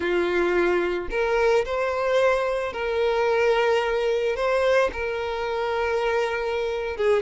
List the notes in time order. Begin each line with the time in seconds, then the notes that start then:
0.00 F4
1.10 A#4
1.65 C5
2.72 A#4
4.35 C5
4.92 A#4
6.96 G#4